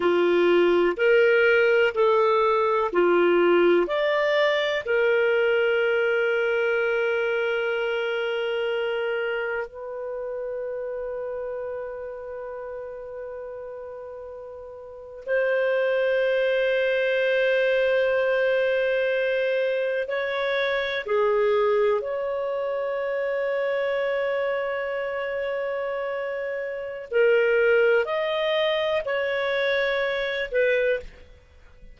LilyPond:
\new Staff \with { instrumentName = "clarinet" } { \time 4/4 \tempo 4 = 62 f'4 ais'4 a'4 f'4 | d''4 ais'2.~ | ais'2 b'2~ | b'2.~ b'8. c''16~ |
c''1~ | c''8. cis''4 gis'4 cis''4~ cis''16~ | cis''1 | ais'4 dis''4 cis''4. b'8 | }